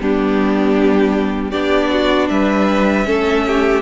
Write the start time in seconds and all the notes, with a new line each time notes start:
0.00 G3 B3 D4 G4
1.51 B3 D4 G4 D5
1.91 F#4
2.29 G3 B4 E5
3.05 A3 C#4 A4
3.47 G4